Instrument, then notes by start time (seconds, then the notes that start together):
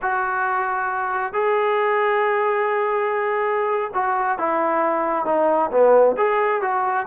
trombone
0.02 F#4
1.33 G#4
3.94 F#4
4.38 E4
5.25 D#4
5.71 B3
6.17 G#4
6.61 F#4